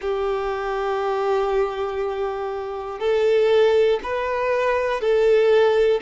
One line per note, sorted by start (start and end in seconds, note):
0.01 2.99 G4
2.99 3.99 A4
4.03 5.00 B4
5.00 6.00 A4